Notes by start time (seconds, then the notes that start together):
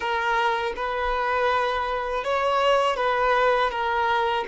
0.00 A#4
0.75 B4
2.24 C#5
2.96 B4
3.70 A#4